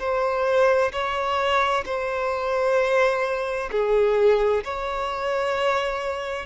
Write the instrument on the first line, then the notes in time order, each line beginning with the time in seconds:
violin
0.00 C5
0.92 C#5
1.86 C5
3.72 G#4
4.64 C#5